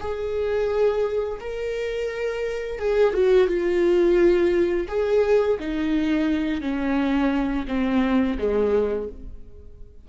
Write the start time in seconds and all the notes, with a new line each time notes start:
0.00 G#4
1.40 A#4
2.79 G#4
3.14 F#4
3.48 F4
4.88 G#4
5.60 D#4
6.61 C#4
7.68 C4
8.38 G#3